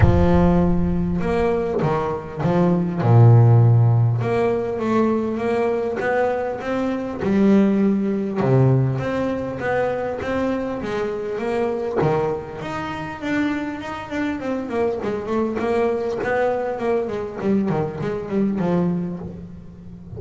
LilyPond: \new Staff \with { instrumentName = "double bass" } { \time 4/4 \tempo 4 = 100 f2 ais4 dis4 | f4 ais,2 ais4 | a4 ais4 b4 c'4 | g2 c4 c'4 |
b4 c'4 gis4 ais4 | dis4 dis'4 d'4 dis'8 d'8 | c'8 ais8 gis8 a8 ais4 b4 | ais8 gis8 g8 dis8 gis8 g8 f4 | }